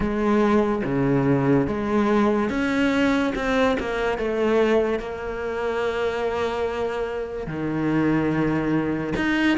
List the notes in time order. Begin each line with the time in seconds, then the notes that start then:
0.00 G#3
0.84 C#3
1.67 G#3
2.49 C#4
3.35 C4
3.79 A#3
4.17 A3
4.99 A#3
7.47 D#3
9.16 D#4